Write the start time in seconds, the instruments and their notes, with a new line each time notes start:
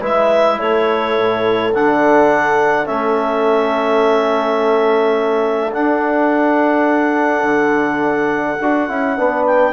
0.00 bassoon G#3, trombone E4, horn B4, clarinet E5
0.59 bassoon A3, horn A4, clarinet C#5
1.18 bassoon A2
1.75 bassoon D3, trombone D4, clarinet F#5
2.86 bassoon A3, trombone C#4, clarinet E5
5.72 trombone D4, bassoon D4, clarinet F#5
7.44 bassoon D3
8.61 bassoon D4, trombone F#4
8.89 bassoon C#4, trombone E4
9.17 bassoon B3, trombone D4, horn B4
9.46 clarinet G5